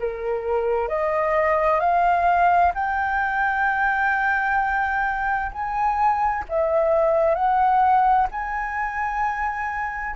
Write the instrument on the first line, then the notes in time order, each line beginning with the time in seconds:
flute
0.00 A#4
0.89 D#5
1.80 F5
2.75 G5
5.53 G#5
6.50 E5
7.35 F#5
8.32 G#5